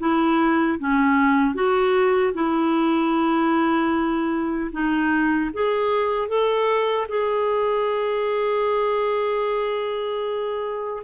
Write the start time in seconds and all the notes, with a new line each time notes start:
0.00 E4
0.79 C#4
1.55 F#4
2.34 E4
4.72 D#4
5.54 G#4
6.29 A4
7.09 G#4